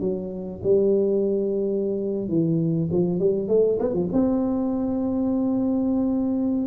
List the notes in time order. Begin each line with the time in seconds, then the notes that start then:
0.00 F#3
0.63 G3
2.28 E3
2.91 F3
3.19 G3
3.48 A3
3.79 B3
3.93 F3
4.12 C4